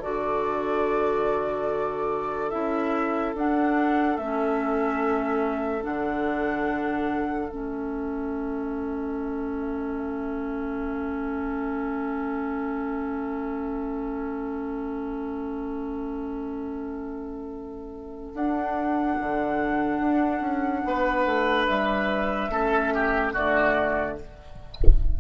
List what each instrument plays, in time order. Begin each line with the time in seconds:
0.00 bassoon D3, clarinet F#4, oboe A4, flute D5
2.51 bassoon C#4, clarinet E4, flute E5
3.35 bassoon D4, clarinet D4, flute F#5
4.17 bassoon A3, clarinet C#4, flute E5
5.82 bassoon D3, clarinet D4, flute F#5
7.50 bassoon A3, clarinet C#4, flute E5
18.34 bassoon D4, clarinet D4, flute F#5
19.20 bassoon D3
20.00 bassoon D4
20.41 bassoon C#4
20.85 bassoon B3, oboe B4
21.26 bassoon A3
21.67 bassoon G3, flute E5
22.50 bassoon A3, clarinet C#4, oboe A4
22.95 oboe G4
23.34 bassoon D3, clarinet A3, oboe F#4, flute D5